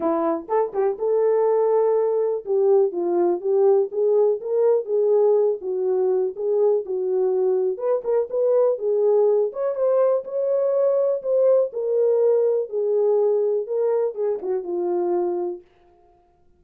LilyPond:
\new Staff \with { instrumentName = "horn" } { \time 4/4 \tempo 4 = 123 e'4 a'8 g'8 a'2~ | a'4 g'4 f'4 g'4 | gis'4 ais'4 gis'4. fis'8~ | fis'4 gis'4 fis'2 |
b'8 ais'8 b'4 gis'4. cis''8 | c''4 cis''2 c''4 | ais'2 gis'2 | ais'4 gis'8 fis'8 f'2 | }